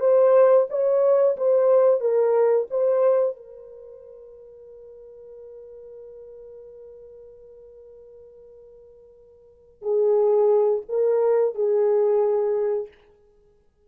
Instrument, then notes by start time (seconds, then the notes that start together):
horn
0.00 C5
0.69 C#5
1.37 C5
2.00 A#4
2.70 C5
3.36 A#4
9.82 G#4
10.89 A#4
11.54 G#4